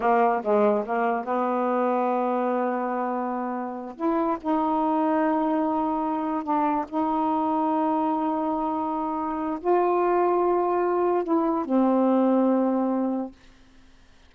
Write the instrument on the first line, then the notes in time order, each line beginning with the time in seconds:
saxophone
0.00 A#3
0.43 G#3
0.85 A#3
1.25 B3
3.96 E4
4.41 D#4
6.43 D4
6.88 D#4
9.60 F4
11.24 E4
11.65 C4